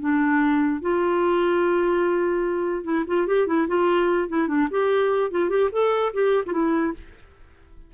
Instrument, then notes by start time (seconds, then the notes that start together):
clarinet
0.00 D4
0.82 F4
2.84 E4
3.07 F4
3.27 G4
3.47 E4
3.68 F4
4.29 E4
4.48 D4
4.71 G4
5.31 F4
5.50 G4
5.72 A4
6.13 G4
6.46 F4
6.53 E4